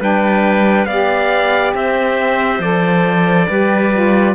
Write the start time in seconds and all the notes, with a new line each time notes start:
0.00 G3 D4 B4 G5
0.86 B3 G4 D5 F5
1.74 C4 C5 E5
2.60 F3 A4 D5
3.49 G3 G4 B4
3.93 F4